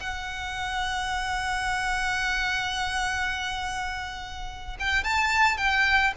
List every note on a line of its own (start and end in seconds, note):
0.00 4.77 F#5
4.79 5.03 G5
5.03 5.57 A5
5.57 6.13 G5